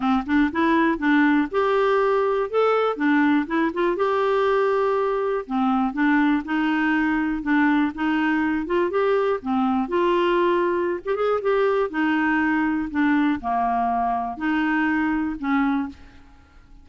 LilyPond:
\new Staff \with { instrumentName = "clarinet" } { \time 4/4 \tempo 4 = 121 c'8 d'8 e'4 d'4 g'4~ | g'4 a'4 d'4 e'8 f'8 | g'2. c'4 | d'4 dis'2 d'4 |
dis'4. f'8 g'4 c'4 | f'2~ f'16 g'16 gis'8 g'4 | dis'2 d'4 ais4~ | ais4 dis'2 cis'4 | }